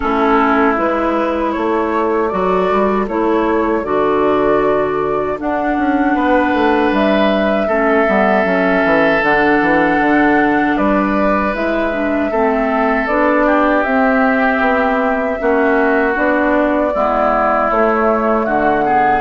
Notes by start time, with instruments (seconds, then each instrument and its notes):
0.00 bassoon A3, clarinet C#4, oboe E4, flute A4
0.76 bassoon G#3, clarinet E4, flute B4
1.52 bassoon A3, oboe A4, flute C#5
2.27 bassoon F#3, clarinet F#4, flute D5
2.71 bassoon G3
3.08 bassoon A3, clarinet E4, flute C#5
3.83 bassoon D3, clarinet F#4, flute D5
5.37 clarinet D4, bassoon D4, flute F#5
5.77 bassoon C#4
6.14 bassoon B3, oboe B4
6.53 bassoon A3
6.91 bassoon G3, flute E5
7.67 bassoon A3, clarinet C#4, oboe A4
8.06 bassoon G3, clarinet B3
8.44 bassoon F#3, clarinet C#4
8.84 bassoon E3
9.21 bassoon D3, clarinet D4, flute F#5
9.61 bassoon E3
9.99 bassoon D3
10.76 bassoon G3, oboe B4, flute D5
11.54 bassoon G#3, clarinet E4, flute E5
11.92 clarinet D4
12.30 bassoon A3, clarinet C4, oboe A4
13.07 bassoon B3, clarinet D4, flute D5
13.46 oboe G4
13.83 bassoon C4, clarinet C4, flute E5
14.60 bassoon B3
15.38 bassoon A#3, clarinet C#4, oboe F#4
16.14 bassoon B3, clarinet D4, flute D5
16.93 bassoon G#3, clarinet B3, oboe E4
17.70 bassoon A3, clarinet A3, flute C#5
18.45 bassoon D3, oboe F#4, flute F#5
18.85 clarinet B3, oboe G#4